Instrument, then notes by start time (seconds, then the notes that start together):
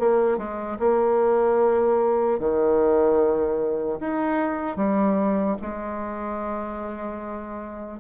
bassoon
0.00 A#3
0.38 G#3
0.79 A#3
2.40 D#3
4.00 D#4
4.77 G3
5.62 G#3